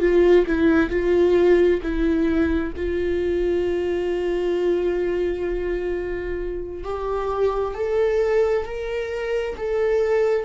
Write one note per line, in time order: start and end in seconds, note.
0.00 0.45 F4
0.47 0.90 E4
0.90 1.81 F4
1.83 2.74 E4
2.76 6.84 F4
6.84 7.74 G4
7.74 8.65 A4
8.65 9.56 A#4
9.57 10.45 A4